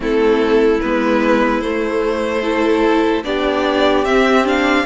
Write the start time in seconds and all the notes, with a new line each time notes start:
0.00 A3 C4 E4 A4
0.80 G#3 B3 B4
1.61 A3 C5
2.42 E4 A4
3.23 B3 D4 G4 D5
4.04 C4 E5
4.44 D4 F5